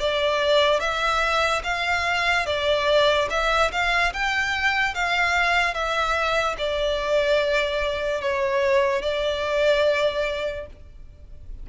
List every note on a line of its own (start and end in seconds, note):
0.00 0.80 D5
0.80 1.63 E5
1.64 2.46 F5
2.47 3.29 D5
3.30 3.71 E5
3.72 4.13 F5
4.14 4.95 G5
4.95 5.74 F5
5.74 6.56 E5
6.58 8.22 D5
8.22 9.02 C#5
9.02 10.67 D5